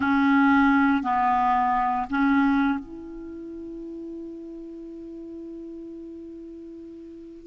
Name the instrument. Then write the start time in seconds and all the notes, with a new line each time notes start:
clarinet
0.00 C#4
1.02 B3
2.10 C#4
2.79 E4